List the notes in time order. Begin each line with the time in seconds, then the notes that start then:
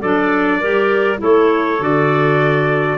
0.00 F#3 D4 A4 D5
0.60 G3 G4 A#4
1.18 A3 E4 A4 C#5
1.80 D3 F#4 D5